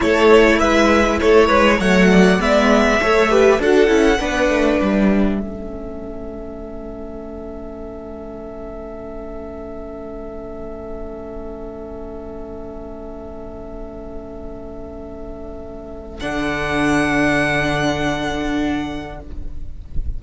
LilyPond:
<<
  \new Staff \with { instrumentName = "violin" } { \time 4/4 \tempo 4 = 100 cis''4 e''4 cis''4 fis''4 | e''2 fis''2 | e''1~ | e''1~ |
e''1~ | e''1~ | e''2. fis''4~ | fis''1 | }
  \new Staff \with { instrumentName = "violin" } { \time 4/4 a'4 b'4 a'8 b'8 cis''8 d''8~ | d''4 cis''8 b'8 a'4 b'4~ | b'4 a'2.~ | a'1~ |
a'1~ | a'1~ | a'1~ | a'1 | }
  \new Staff \with { instrumentName = "viola" } { \time 4/4 e'2. a4 | b4 a'8 g'8 fis'8 e'8 d'4~ | d'4 cis'2.~ | cis'1~ |
cis'1~ | cis'1~ | cis'2. d'4~ | d'1 | }
  \new Staff \with { instrumentName = "cello" } { \time 4/4 a4 gis4 a8 gis8 fis4 | gis4 a4 d'8 cis'8 b8 a8 | g4 a2.~ | a1~ |
a1~ | a1~ | a2. d4~ | d1 | }
>>